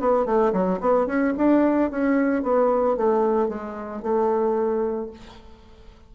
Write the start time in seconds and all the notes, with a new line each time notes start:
0.00 B3
0.26 A3
0.53 F#3
0.81 B3
1.07 C#4
1.37 D4
1.91 C#4
2.43 B3
2.97 A3
3.49 G#3
4.03 A3